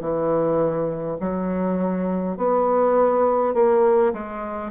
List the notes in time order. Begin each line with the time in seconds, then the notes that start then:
0.00 E3
1.20 F#3
2.37 B3
3.53 A#3
4.13 G#3